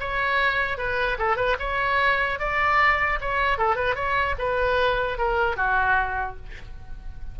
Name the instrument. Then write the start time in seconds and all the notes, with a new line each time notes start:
oboe
0.00 C#5
0.77 B4
1.18 A4
1.36 B4
1.59 C#5
2.39 D5
3.21 C#5
3.58 A4
3.75 B4
3.95 C#5
4.38 B4
5.18 A#4
5.56 F#4